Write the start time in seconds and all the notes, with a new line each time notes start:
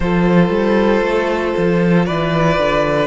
0.00 F3 F4 A4 C5
0.49 G3
1.01 A3
1.57 F3
2.05 E3 B4 D5
2.58 D3